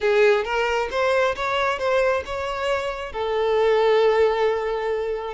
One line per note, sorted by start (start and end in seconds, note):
0.00 0.44 G#4
0.44 0.88 A#4
0.90 1.35 C5
1.35 1.78 C#5
1.78 2.23 C5
2.25 3.12 C#5
3.12 5.34 A4